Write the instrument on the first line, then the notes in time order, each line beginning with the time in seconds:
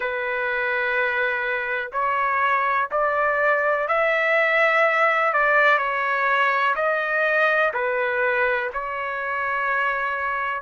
trumpet
0.00 B4
1.92 C#5
2.91 D5
3.88 E5
5.33 D5
5.78 C#5
6.75 D#5
7.73 B4
8.73 C#5